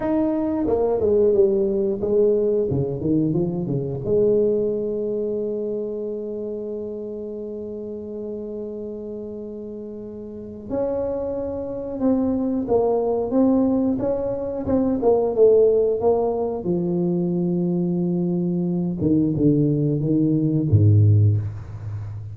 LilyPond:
\new Staff \with { instrumentName = "tuba" } { \time 4/4 \tempo 4 = 90 dis'4 ais8 gis8 g4 gis4 | cis8 dis8 f8 cis8 gis2~ | gis1~ | gis1 |
cis'2 c'4 ais4 | c'4 cis'4 c'8 ais8 a4 | ais4 f2.~ | f8 dis8 d4 dis4 gis,4 | }